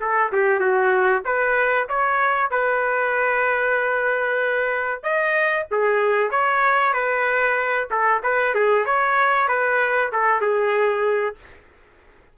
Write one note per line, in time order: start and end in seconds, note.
0.00 0.32 A4
0.32 0.59 G4
0.59 1.23 F#4
1.25 1.88 B4
1.88 2.50 C#5
2.50 5.03 B4
5.03 5.66 D#5
5.71 6.30 G#4
6.30 6.93 C#5
6.93 7.88 B4
7.91 8.22 A4
8.23 8.54 B4
8.54 8.85 G#4
8.85 9.48 C#5
9.48 10.11 B4
10.12 10.41 A4
10.41 11.36 G#4